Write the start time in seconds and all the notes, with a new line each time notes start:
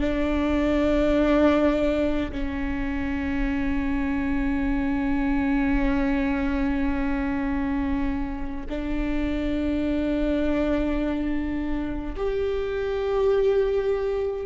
0.00 D4
2.32 C#4
8.69 D4
12.16 G4